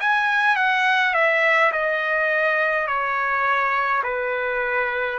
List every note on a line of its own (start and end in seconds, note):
0.00 0.57 G#5
0.57 1.14 F#5
1.14 1.72 E5
1.73 2.87 D#5
2.87 4.03 C#5
4.04 5.19 B4